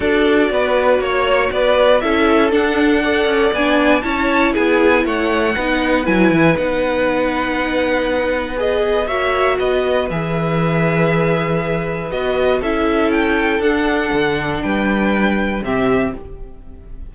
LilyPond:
<<
  \new Staff \with { instrumentName = "violin" } { \time 4/4 \tempo 4 = 119 d''2 cis''4 d''4 | e''4 fis''2 gis''4 | a''4 gis''4 fis''2 | gis''4 fis''2.~ |
fis''4 dis''4 e''4 dis''4 | e''1 | dis''4 e''4 g''4 fis''4~ | fis''4 g''2 e''4 | }
  \new Staff \with { instrumentName = "violin" } { \time 4/4 a'4 b'4 cis''4 b'4 | a'2 d''2 | cis''4 gis'4 cis''4 b'4~ | b'1~ |
b'2 cis''4 b'4~ | b'1~ | b'4 a'2.~ | a'4 b'2 g'4 | }
  \new Staff \with { instrumentName = "viola" } { \time 4/4 fis'1 | e'4 d'4 a'4 d'4 | e'2. dis'4 | e'4 dis'2.~ |
dis'4 gis'4 fis'2 | gis'1 | fis'4 e'2 d'4~ | d'2. c'4 | }
  \new Staff \with { instrumentName = "cello" } { \time 4/4 d'4 b4 ais4 b4 | cis'4 d'4. cis'8 b4 | cis'4 b4 a4 b4 | fis8 e8 b2.~ |
b2 ais4 b4 | e1 | b4 cis'2 d'4 | d4 g2 c4 | }
>>